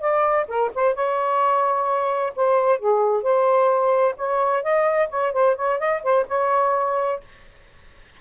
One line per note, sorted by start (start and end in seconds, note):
0.00 0.46 D5
0.48 0.71 A#4
0.74 0.95 C5
0.95 2.33 C#5
2.36 2.79 C5
2.79 3.23 G#4
3.23 4.15 C5
4.17 4.63 C#5
4.63 5.09 D#5
5.09 5.32 C#5
5.32 5.56 C5
5.56 5.79 C#5
5.79 6.02 D#5
6.03 6.26 C5
6.28 7.20 C#5